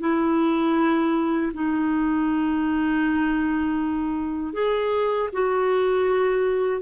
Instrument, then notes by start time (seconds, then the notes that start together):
clarinet
0.00 E4
1.54 D#4
4.54 G#4
5.33 F#4